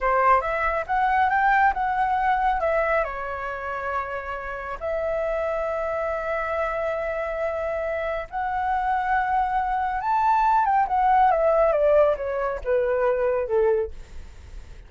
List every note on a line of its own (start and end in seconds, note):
0.00 0.41 C5
0.41 0.84 E5
0.87 1.29 F#5
1.29 1.73 G5
1.73 2.60 F#5
2.60 3.04 E5
3.04 4.77 C#5
4.79 8.27 E5
8.30 10.00 F#5
10.00 10.65 A5
10.65 10.86 G5
10.87 11.31 F#5
11.31 11.72 E5
11.72 12.15 D5
12.16 12.60 C#5
12.64 13.47 B4
13.47 13.90 A4